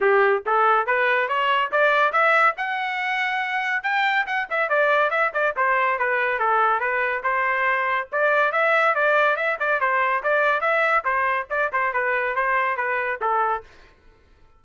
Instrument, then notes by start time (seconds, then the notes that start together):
trumpet
0.01 G4
0.45 A4
0.86 B4
1.28 C#5
1.71 D5
2.12 E5
2.57 F#5
3.83 G5
4.26 F#5
4.50 E5
4.69 D5
5.10 E5
5.33 D5
5.56 C5
5.98 B4
6.39 A4
6.79 B4
7.23 C5
8.12 D5
8.52 E5
8.95 D5
9.36 E5
9.59 D5
9.80 C5
10.23 D5
10.61 E5
11.04 C5
11.50 D5
11.72 C5
11.93 B4
12.35 C5
12.77 B4
13.21 A4